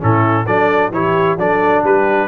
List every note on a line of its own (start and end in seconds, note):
0.00 0.47 A2
0.00 0.45 C#4
0.00 0.45 E4
0.00 0.46 A4
0.45 0.90 F#3
0.45 0.92 D4
0.45 0.90 A4
0.45 0.92 D5
0.90 1.36 E3
0.90 1.38 E4
0.90 1.38 G4
0.90 1.38 C#5
1.37 1.82 F#3
1.37 2.28 D4
1.37 1.84 A4
1.37 1.84 D5
1.84 2.28 G3
1.84 2.28 G4
1.84 2.28 B4